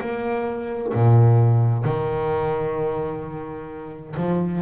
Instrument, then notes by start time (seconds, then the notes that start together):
double bass
0.00 A#3
0.93 A#2
1.84 D#3
4.16 F3